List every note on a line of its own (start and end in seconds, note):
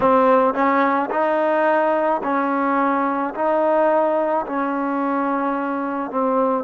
0.00 0.54 C4
0.54 1.09 C#4
1.10 2.21 D#4
2.23 3.34 C#4
3.34 4.45 D#4
4.46 6.11 C#4
6.11 6.64 C4